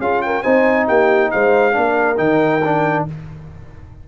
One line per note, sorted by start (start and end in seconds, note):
0.00 0.43 C#4
0.00 0.45 F4
0.00 0.24 G#4
0.00 0.22 F5
0.22 0.43 A#4
0.22 0.43 G5
0.43 0.89 C4
0.43 1.73 D#4
0.43 0.87 C5
0.43 0.87 G#5
0.88 1.33 A#3
0.88 1.32 G4
0.88 1.31 G5
1.31 1.77 G#3
1.31 1.77 C5
1.31 2.18 F5
1.73 2.19 A#3
1.73 2.16 D4
1.73 3.08 A#4
2.18 3.06 D#3
2.18 2.61 D#4
2.18 3.05 G5
2.65 3.09 D4